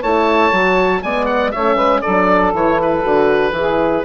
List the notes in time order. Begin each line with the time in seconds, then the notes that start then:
0.00 A3 E4 C#5 A5
0.52 F#3 F#4
1.03 G#3 B3 D5 G#5
1.26 F#5
1.51 A3 C#4 C#5 E5
1.75 G#3 B4
2.01 F#3 D4 A4 D5
2.53 E3 E4 C#5
2.82 B4
3.03 D3 F#4
3.52 E3 E4 G#4